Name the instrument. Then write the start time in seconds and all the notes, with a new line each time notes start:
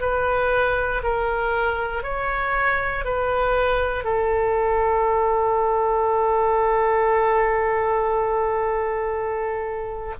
oboe
0.00 B4
1.03 A#4
2.03 C#5
3.05 B4
4.04 A4